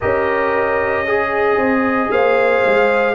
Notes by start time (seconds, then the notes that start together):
0.00 C#4 G4 A#4 D#5
1.05 G#4
1.56 C4
2.11 A#3 C5 F5
2.64 G#3